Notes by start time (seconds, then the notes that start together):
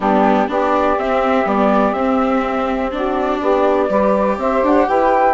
0.00 G3 B3 D4 G4
0.48 B3 D4 G4 D5
0.98 C4 E5
1.45 G3 B3 D5
1.92 C4 E5
2.91 D4 F#4 D5
3.40 B3 G4
3.88 G3 G4 B4
4.37 C4 C5 E5
4.62 D4 F#5
4.88 E4 B4 G5